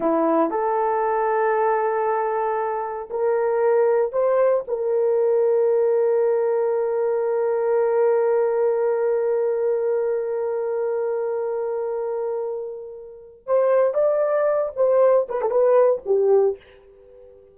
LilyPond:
\new Staff \with { instrumentName = "horn" } { \time 4/4 \tempo 4 = 116 e'4 a'2.~ | a'2 ais'2 | c''4 ais'2.~ | ais'1~ |
ais'1~ | ais'1~ | ais'2 c''4 d''4~ | d''8 c''4 b'16 a'16 b'4 g'4 | }